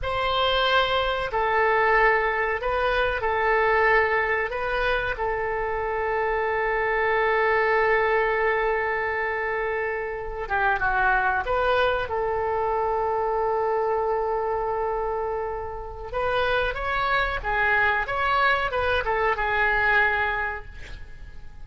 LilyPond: \new Staff \with { instrumentName = "oboe" } { \time 4/4 \tempo 4 = 93 c''2 a'2 | b'4 a'2 b'4 | a'1~ | a'1~ |
a'16 g'8 fis'4 b'4 a'4~ a'16~ | a'1~ | a'4 b'4 cis''4 gis'4 | cis''4 b'8 a'8 gis'2 | }